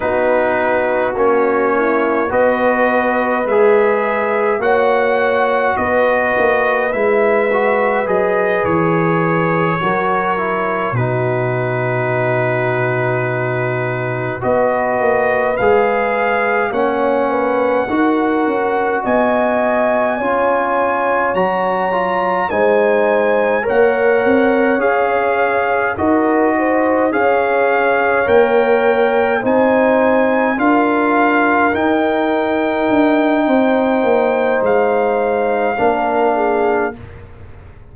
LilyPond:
<<
  \new Staff \with { instrumentName = "trumpet" } { \time 4/4 \tempo 4 = 52 b'4 cis''4 dis''4 e''4 | fis''4 dis''4 e''4 dis''8 cis''8~ | cis''4. b'2~ b'8~ | b'8 dis''4 f''4 fis''4.~ |
fis''8 gis''2 ais''4 gis''8~ | gis''8 fis''4 f''4 dis''4 f''8~ | f''8 g''4 gis''4 f''4 g''8~ | g''2 f''2 | }
  \new Staff \with { instrumentName = "horn" } { \time 4/4 fis'4. e'8 b'2 | cis''4 b'2.~ | b'8 ais'4 fis'2~ fis'8~ | fis'8 b'2 cis''8 b'8 ais'8~ |
ais'8 dis''4 cis''2 c''8~ | c''8 cis''2 ais'8 c''8 cis''8~ | cis''4. c''4 ais'4.~ | ais'4 c''2 ais'8 gis'8 | }
  \new Staff \with { instrumentName = "trombone" } { \time 4/4 dis'4 cis'4 fis'4 gis'4 | fis'2 e'8 fis'8 gis'4~ | gis'8 fis'8 e'8 dis'2~ dis'8~ | dis'8 fis'4 gis'4 cis'4 fis'8~ |
fis'4. f'4 fis'8 f'8 dis'8~ | dis'8 ais'4 gis'4 fis'4 gis'8~ | gis'8 ais'4 dis'4 f'4 dis'8~ | dis'2. d'4 | }
  \new Staff \with { instrumentName = "tuba" } { \time 4/4 b4 ais4 b4 gis4 | ais4 b8 ais8 gis4 fis8 e8~ | e8 fis4 b,2~ b,8~ | b,8 b8 ais8 gis4 ais4 dis'8 |
cis'8 b4 cis'4 fis4 gis8~ | gis8 ais8 c'8 cis'4 dis'4 cis'8~ | cis'8 ais4 c'4 d'4 dis'8~ | dis'8 d'8 c'8 ais8 gis4 ais4 | }
>>